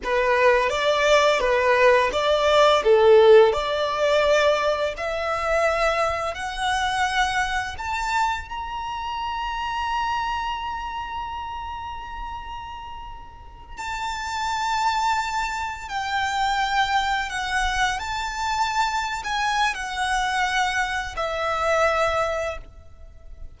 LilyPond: \new Staff \with { instrumentName = "violin" } { \time 4/4 \tempo 4 = 85 b'4 d''4 b'4 d''4 | a'4 d''2 e''4~ | e''4 fis''2 a''4 | ais''1~ |
ais''2.~ ais''8 a''8~ | a''2~ a''8 g''4.~ | g''8 fis''4 a''4.~ a''16 gis''8. | fis''2 e''2 | }